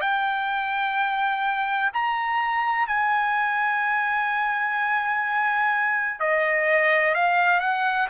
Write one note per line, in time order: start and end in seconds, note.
0.00 1.90 G5
1.93 2.87 A#5
2.87 6.19 G#5
6.19 7.14 D#5
7.14 7.60 F5
7.60 8.07 F#5